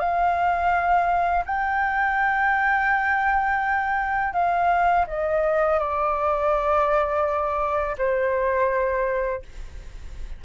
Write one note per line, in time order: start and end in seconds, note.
0.00 1.45 F5
1.45 4.33 G5
4.33 5.06 F5
5.07 5.79 D#5
5.79 7.96 D5
7.98 9.42 C5